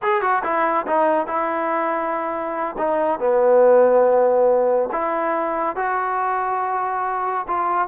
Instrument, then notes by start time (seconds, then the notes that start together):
trombone
0.02 G#4
0.21 F#4
0.43 E4
0.86 D#4
1.27 E4
2.78 D#4
3.19 B3
4.91 E4
5.76 F#4
7.47 F4